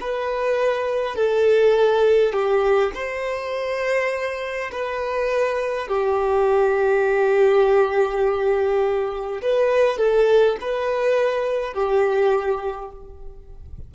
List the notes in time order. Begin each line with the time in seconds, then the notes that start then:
0.00 B4
1.16 A4
2.33 G4
2.94 C5
4.72 B4
5.88 G4
9.42 B4
9.98 A4
10.61 B4
11.73 G4